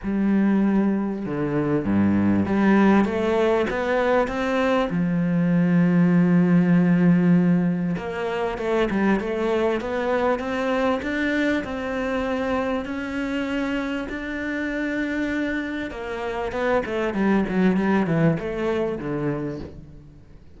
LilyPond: \new Staff \with { instrumentName = "cello" } { \time 4/4 \tempo 4 = 98 g2 d4 g,4 | g4 a4 b4 c'4 | f1~ | f4 ais4 a8 g8 a4 |
b4 c'4 d'4 c'4~ | c'4 cis'2 d'4~ | d'2 ais4 b8 a8 | g8 fis8 g8 e8 a4 d4 | }